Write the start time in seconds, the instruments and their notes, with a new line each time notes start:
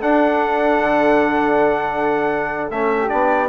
0.00 trombone D4, bassoon D4, flute A4, trumpet F#5
0.79 bassoon D3
2.70 bassoon A3, trombone C#4, trumpet E5
3.00 flute G4
3.09 bassoon B3, trombone D4, trumpet D5